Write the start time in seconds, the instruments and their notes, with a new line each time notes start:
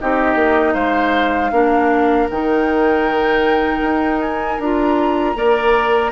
0.00 bassoon C4, clarinet D#4, oboe G4, flute D#5
0.36 bassoon A#3
0.74 bassoon G#3, oboe C5, flute F5
1.52 bassoon A#3, clarinet D4, oboe A#4
2.31 bassoon D#3, clarinet D#4, flute G5
3.81 bassoon D#4
4.22 flute G#5
4.59 bassoon D4, clarinet F4, flute A#5
5.35 bassoon A#3, clarinet A#4, oboe D5